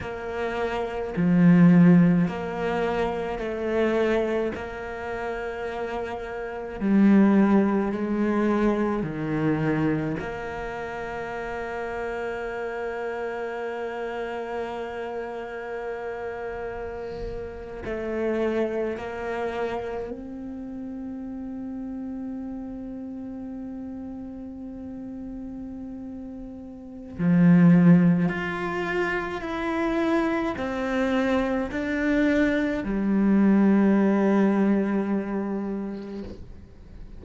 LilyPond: \new Staff \with { instrumentName = "cello" } { \time 4/4 \tempo 4 = 53 ais4 f4 ais4 a4 | ais2 g4 gis4 | dis4 ais2.~ | ais2.~ ais8. a16~ |
a8. ais4 c'2~ c'16~ | c'1 | f4 f'4 e'4 c'4 | d'4 g2. | }